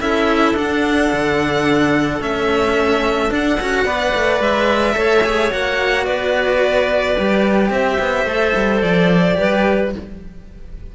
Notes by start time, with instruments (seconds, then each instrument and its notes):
0.00 cello C#4 E4, clarinet A4, violin E5
0.53 cello D4, violin F#5
1.12 cello D3
2.20 cello A3 C#4, violin E5
3.30 cello D4, violin F#5
3.59 cello C#4 F#4
3.85 cello B3 B4, clarinet D5
4.14 cello A3
4.40 cello G#3, violin E5
4.93 cello A3 A4, clarinet C#5
5.23 cello G#4
5.50 cello A#3 F#4, violin F#5
6.05 cello B3, clarinet B4, violin D5
7.17 cello G3 G4
7.70 cello C4, clarinet C5, violin E5
7.99 cello B3
8.24 cello A3 A4
8.55 cello G3
8.81 cello F3, violin D5
9.35 cello G3 G4, clarinet B4